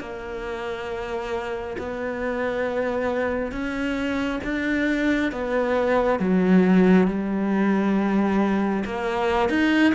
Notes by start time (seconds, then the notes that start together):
0.00 A#3
1.78 B3
3.51 C#4
4.44 D4
5.32 B3
6.19 F#3
7.07 G3
8.85 A#3
9.49 D#4